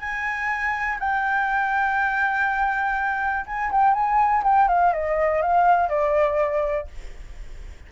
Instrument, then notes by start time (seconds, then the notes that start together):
flute
0.00 G#5
0.99 G5
3.46 G#5
3.72 G5
3.94 G#5
4.44 G5
4.68 F5
4.93 D#5
5.42 F5
5.89 D5